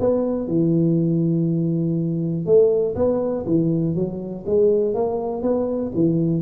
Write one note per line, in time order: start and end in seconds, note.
0.00 0.48 B3
0.48 2.46 E3
2.46 2.95 A3
2.96 3.45 B3
3.46 3.95 E3
3.95 4.45 F#3
4.47 4.95 G#3
4.95 5.42 A#3
5.42 5.92 B3
5.95 6.42 E3